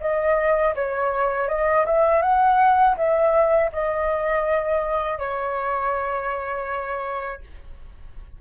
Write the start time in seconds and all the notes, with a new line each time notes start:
0.00 D#5
0.75 C#5
1.48 D#5
1.86 E5
2.22 F#5
2.96 E5
3.72 D#5
5.18 C#5